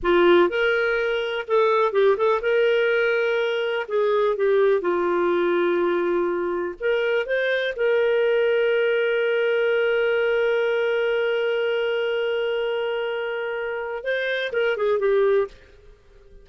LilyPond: \new Staff \with { instrumentName = "clarinet" } { \time 4/4 \tempo 4 = 124 f'4 ais'2 a'4 | g'8 a'8 ais'2. | gis'4 g'4 f'2~ | f'2 ais'4 c''4 |
ais'1~ | ais'1~ | ais'1~ | ais'4 c''4 ais'8 gis'8 g'4 | }